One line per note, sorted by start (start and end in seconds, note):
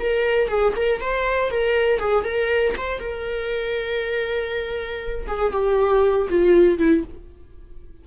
0.00 0.49 A#4
0.49 0.74 G#4
0.76 1.01 A#4
1.01 1.51 C5
1.51 2.00 A#4
2.00 2.24 G#4
2.24 2.75 A#4
2.78 3.00 C5
3.00 5.27 A#4
5.28 5.53 G#4
5.53 6.28 G4
6.30 6.79 F4
6.79 7.04 E4